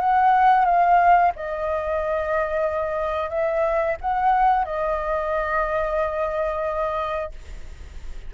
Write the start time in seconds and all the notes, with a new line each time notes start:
0.00 F#5
0.65 F5
1.36 D#5
3.30 E5
4.01 F#5
4.65 D#5